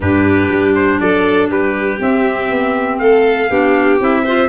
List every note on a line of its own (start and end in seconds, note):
0.00 0.49 G2
0.00 1.97 D4
0.00 1.01 G4
0.00 0.74 B4
0.49 0.99 G3
0.74 0.99 C5
0.99 1.49 F#3
0.99 1.49 A4
0.99 1.49 D5
1.49 1.99 G3
1.49 2.99 G4
1.49 2.01 B4
1.97 3.48 C4
1.97 2.49 C4
1.97 2.98 E5
2.49 2.99 B3
2.98 3.49 A3
2.98 3.50 A4
2.98 3.98 F5
3.50 4.00 B3
3.50 4.00 D4
3.50 4.24 G4
4.00 4.48 C4
4.00 4.25 E4
4.00 4.48 E5
4.24 4.48 F4
4.24 4.48 C5